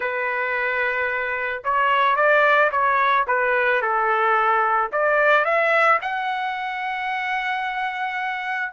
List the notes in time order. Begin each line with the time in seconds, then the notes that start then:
0.00 B4
1.64 C#5
2.15 D5
2.71 C#5
3.27 B4
3.81 A4
4.92 D5
5.44 E5
6.01 F#5